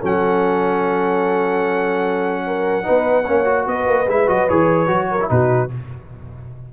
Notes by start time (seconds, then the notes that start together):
0.00 F#3 C#4 A4 F#5
2.46 A#4
2.83 B3 D#4 B4
3.26 A#3 C#4 C#5
3.45 F#4
3.67 B3 B4 D#5
3.87 A#3
4.08 G#3 E4 E5
4.27 F#3 F#4 D#5
4.49 E3 G#4 C#5
4.87 F#3 F#4
5.11 A#4
5.20 E4
5.28 B2 D#4 F#4 B4